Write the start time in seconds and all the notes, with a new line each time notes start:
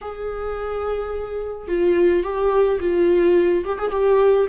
0.01 G#4
1.68 F4
2.23 G4
2.80 F4
3.64 G4
3.78 G#4
3.90 G4